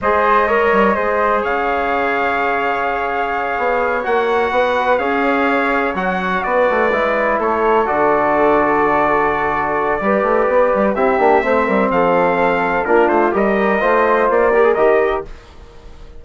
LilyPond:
<<
  \new Staff \with { instrumentName = "trumpet" } { \time 4/4 \tempo 4 = 126 dis''2. f''4~ | f''1~ | f''8 fis''2 f''4.~ | f''8 fis''4 d''2 cis''8~ |
cis''8 d''2.~ d''8~ | d''2. e''4~ | e''4 f''2 ais'8 c''8 | dis''2 d''4 dis''4 | }
  \new Staff \with { instrumentName = "flute" } { \time 4/4 c''4 cis''4 c''4 cis''4~ | cis''1~ | cis''4. b'4 cis''4.~ | cis''4. b'2 a'8~ |
a'1~ | a'4 b'2 g'4 | c''8 ais'8 a'2 f'4 | ais'4 c''4. ais'4. | }
  \new Staff \with { instrumentName = "trombone" } { \time 4/4 gis'4 ais'4 gis'2~ | gis'1~ | gis'8 fis'2 gis'4.~ | gis'8 fis'2 e'4.~ |
e'8 fis'2.~ fis'8~ | fis'4 g'2 e'8 d'8 | c'2. d'4 | g'4 f'4. g'16 gis'16 g'4 | }
  \new Staff \with { instrumentName = "bassoon" } { \time 4/4 gis4. g8 gis4 cis4~ | cis2.~ cis8 b8~ | b8 ais4 b4 cis'4.~ | cis'8 fis4 b8 a8 gis4 a8~ |
a8 d2.~ d8~ | d4 g8 a8 b8 g8 c'8 ais8 | a8 g8 f2 ais8 a8 | g4 a4 ais4 dis4 | }
>>